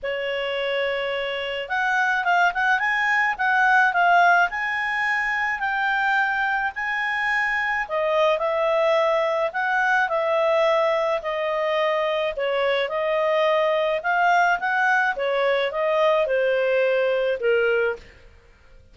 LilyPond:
\new Staff \with { instrumentName = "clarinet" } { \time 4/4 \tempo 4 = 107 cis''2. fis''4 | f''8 fis''8 gis''4 fis''4 f''4 | gis''2 g''2 | gis''2 dis''4 e''4~ |
e''4 fis''4 e''2 | dis''2 cis''4 dis''4~ | dis''4 f''4 fis''4 cis''4 | dis''4 c''2 ais'4 | }